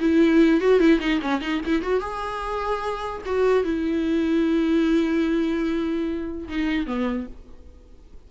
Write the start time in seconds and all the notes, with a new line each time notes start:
0.00 E4
0.61 F#4
0.79 E4
1.00 D#4
1.21 C#4
1.41 D#4
1.65 E4
1.82 F#4
2.00 G#4
3.25 F#4
3.64 E4
6.48 D#4
6.86 B3